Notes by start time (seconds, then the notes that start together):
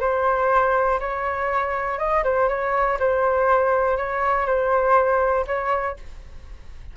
0.00 C5
1.00 C#5
1.99 D#5
2.24 C5
2.49 C#5
3.00 C5
3.97 C#5
4.46 C5
5.47 C#5